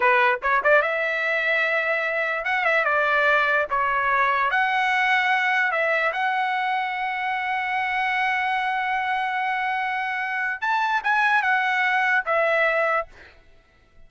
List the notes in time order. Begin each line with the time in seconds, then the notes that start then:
0.00 B4
0.42 C#5
0.63 D5
0.82 E5
2.44 F#5
2.64 E5
2.84 D5
3.70 C#5
4.50 F#5
5.71 E5
6.12 F#5
10.61 A5
11.03 G#5
11.42 F#5
12.25 E5